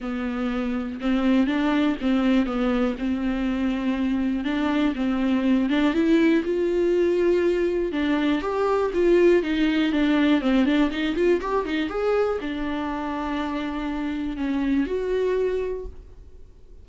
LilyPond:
\new Staff \with { instrumentName = "viola" } { \time 4/4 \tempo 4 = 121 b2 c'4 d'4 | c'4 b4 c'2~ | c'4 d'4 c'4. d'8 | e'4 f'2. |
d'4 g'4 f'4 dis'4 | d'4 c'8 d'8 dis'8 f'8 g'8 dis'8 | gis'4 d'2.~ | d'4 cis'4 fis'2 | }